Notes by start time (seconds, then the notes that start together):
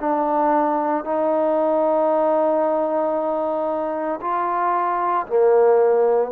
0.00 D4
1.04 D#4
4.21 F4
5.26 A#3